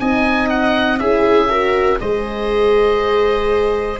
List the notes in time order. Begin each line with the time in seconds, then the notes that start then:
0.00 C4 D#4 D#5 G#5
0.49 F#5
0.99 C#4 E4 G#4 E5
1.49 F#4 A#4
2.00 G#3 G#4 C5 D#5